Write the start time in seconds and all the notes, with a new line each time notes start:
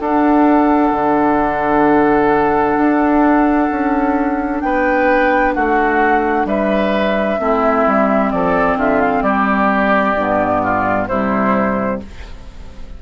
0.00 D4 A4 F#5
0.92 D3
2.77 D4
3.70 C#4
4.60 B3 B4 G5
5.54 A3 F#4 F#5
6.45 G3 B4 E5
7.38 A3 C4 E4
7.87 G3
8.31 F3 A4 D5
8.76 D3 F4 E5
9.01 F5
9.22 G3 G4 D5
10.16 G2 B3
10.63 F4
11.07 C3 G3 E4 C5